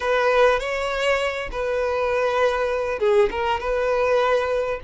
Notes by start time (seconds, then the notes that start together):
0.00 B4
0.59 C#5
1.51 B4
2.99 G#4
3.31 A#4
3.59 B4